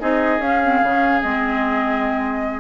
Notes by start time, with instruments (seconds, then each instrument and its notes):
0.00 bassoon C4, clarinet D#4, oboe G#4, flute D#5
0.39 bassoon C#4, clarinet C#4, flute F5
0.64 clarinet C4
0.83 bassoon C#3, clarinet C#4
1.22 bassoon G#3, clarinet C4, flute D#5